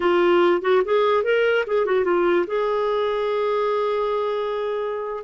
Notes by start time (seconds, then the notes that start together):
0.00 F4
0.61 F#4
0.84 G#4
1.23 A#4
1.66 G#4
1.85 F#4
2.04 F4
2.46 G#4